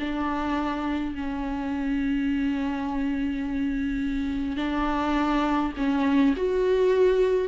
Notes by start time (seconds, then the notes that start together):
0.00 D4
1.15 C#4
4.57 D4
5.77 C#4
6.36 F#4